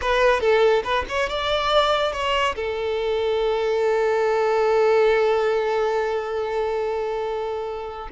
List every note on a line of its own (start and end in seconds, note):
0.01 0.40 B4
0.40 0.83 A4
0.83 1.05 B4
1.08 1.29 C#5
1.29 2.12 D5
2.12 2.55 C#5
2.55 8.09 A4